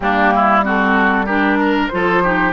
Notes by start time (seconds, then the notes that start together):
0.00 G3 A#3 D4 G4
0.35 E4
0.63 C4 F#4 A4
1.26 D4 G4 A#4
1.59 A#4
1.88 F3 F4 C5
1.94 A4
2.23 D#4 G4